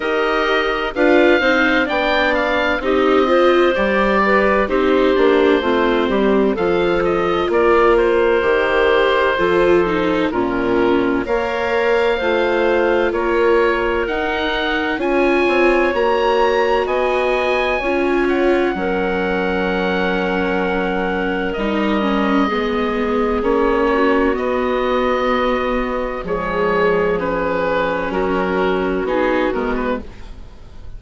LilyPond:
<<
  \new Staff \with { instrumentName = "oboe" } { \time 4/4 \tempo 4 = 64 dis''4 f''4 g''8 f''8 dis''4 | d''4 c''2 f''8 dis''8 | d''8 c''2~ c''8 ais'4 | f''2 cis''4 fis''4 |
gis''4 ais''4 gis''4. fis''8~ | fis''2. dis''4~ | dis''4 cis''4 dis''2 | cis''4 b'4 ais'4 gis'8 ais'16 b'16 | }
  \new Staff \with { instrumentName = "clarinet" } { \time 4/4 ais'4 b'8 c''8 d''4 g'8 c''8~ | c''8 b'8 g'4 f'8 g'8 a'4 | ais'2 a'4 f'4 | cis''4 c''4 ais'2 |
cis''2 dis''4 cis''4 | ais'1 | gis'4. fis'2~ fis'8 | gis'2 fis'2 | }
  \new Staff \with { instrumentName = "viola" } { \time 4/4 g'4 f'8 dis'8 d'4 dis'8 f'8 | g'4 dis'8 d'8 c'4 f'4~ | f'4 g'4 f'8 dis'8 cis'4 | ais'4 f'2 dis'4 |
f'4 fis'2 f'4 | cis'2. dis'8 cis'8 | b4 cis'4 b2 | gis4 cis'2 dis'8 b8 | }
  \new Staff \with { instrumentName = "bassoon" } { \time 4/4 dis'4 d'8 c'8 b4 c'4 | g4 c'8 ais8 a8 g8 f4 | ais4 dis4 f4 ais,4 | ais4 a4 ais4 dis'4 |
cis'8 c'8 ais4 b4 cis'4 | fis2. g4 | gis4 ais4 b2 | f2 fis4 b8 gis8 | }
>>